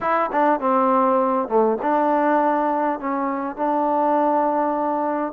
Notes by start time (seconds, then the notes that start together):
0.01 E4
0.31 D4
0.60 C4
1.48 A3
1.81 D4
2.99 C#4
3.56 D4